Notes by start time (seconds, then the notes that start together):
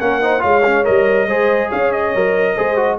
0.00 A#3 C#4 A#4 F#5
0.21 D#4 C5
0.39 G#3 F4 C#5 F5
0.65 C#4
0.84 G3 A#4 D#5
1.26 G#3 G#4 C5
1.69 C#4 C#5 F5
1.92 D#5
2.15 F#3 A#4
2.55 G#3 G#4 C5
2.76 F#4